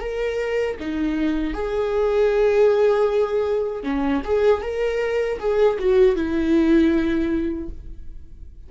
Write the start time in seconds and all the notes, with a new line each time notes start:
0.00 A#4
0.80 D#4
1.53 G#4
3.83 C#4
4.24 G#4
4.62 A#4
5.39 G#4
5.79 F#4
6.15 E4